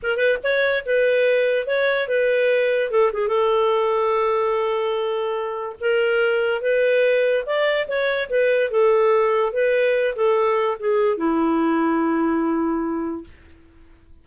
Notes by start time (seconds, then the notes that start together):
0.02 A#4
0.17 B4
0.43 C#5
0.85 B4
1.66 C#5
2.08 B4
2.90 A4
3.12 G#4
3.27 A4
5.80 A#4
6.61 B4
7.46 D5
7.88 C#5
8.29 B4
8.70 A4
9.52 B4
10.15 A4
10.79 G#4
11.17 E4